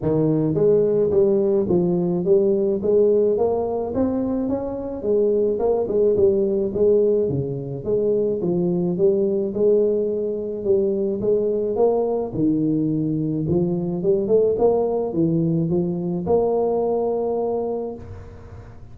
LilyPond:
\new Staff \with { instrumentName = "tuba" } { \time 4/4 \tempo 4 = 107 dis4 gis4 g4 f4 | g4 gis4 ais4 c'4 | cis'4 gis4 ais8 gis8 g4 | gis4 cis4 gis4 f4 |
g4 gis2 g4 | gis4 ais4 dis2 | f4 g8 a8 ais4 e4 | f4 ais2. | }